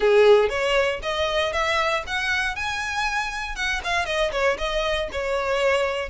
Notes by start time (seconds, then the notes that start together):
0.00 G#4
0.49 C#5
1.02 D#5
1.53 E5
2.06 F#5
2.55 G#5
3.55 F#5
3.84 F5
4.05 D#5
4.31 C#5
4.57 D#5
5.11 C#5